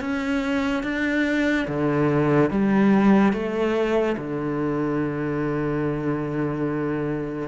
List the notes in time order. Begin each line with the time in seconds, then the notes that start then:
0.00 C#4
0.83 D4
1.67 D3
2.50 G3
3.33 A3
4.17 D3